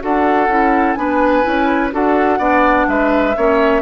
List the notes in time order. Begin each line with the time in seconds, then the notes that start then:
0.00 D4 F#4 A4 F#5
0.48 C#4 E4
0.93 B3 D4 B4 G#5
1.43 C#4 E4
1.92 D4 F#4 A4 F#5
2.39 B3 D4 D5
2.88 G#3 B4 E5
3.37 A#3 C#4 C#5